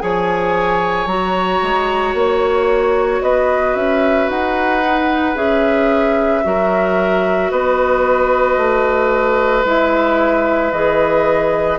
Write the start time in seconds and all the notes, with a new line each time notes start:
0.00 F3 G#4 C#5 G#5
1.06 F#3 F#4 A#5
1.63 G#3
2.14 A#3 C#5
3.23 B3 B4 D#5
3.75 C#4 E5
4.29 D#4 F#5
4.84 D#4
5.35 C#4 G#4 E5
6.44 F#3 F#4 A#4
7.51 B3 B4 D#5
8.58 A3
9.65 G#3 E4 E5
10.72 E3 G#4 D#5